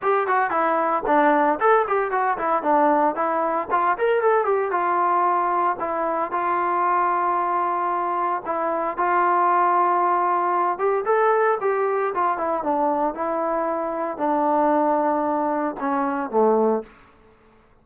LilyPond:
\new Staff \with { instrumentName = "trombone" } { \time 4/4 \tempo 4 = 114 g'8 fis'8 e'4 d'4 a'8 g'8 | fis'8 e'8 d'4 e'4 f'8 ais'8 | a'8 g'8 f'2 e'4 | f'1 |
e'4 f'2.~ | f'8 g'8 a'4 g'4 f'8 e'8 | d'4 e'2 d'4~ | d'2 cis'4 a4 | }